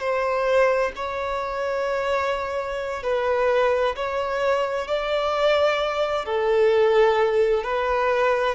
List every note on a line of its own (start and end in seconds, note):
0.00 0.92 C5
0.96 3.03 C#5
3.03 3.96 B4
3.96 4.88 C#5
4.88 6.26 D5
6.26 7.64 A4
7.64 8.56 B4